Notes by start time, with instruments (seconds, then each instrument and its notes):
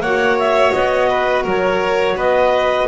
0.00 double bass A#3, saxophone F#4, violin C#5, clarinet F#5
0.39 clarinet E5
0.72 double bass B3, clarinet D#5
1.09 violin B4
1.43 double bass F#3, violin A#4, clarinet C#5
2.15 double bass B3, violin B4, clarinet D#5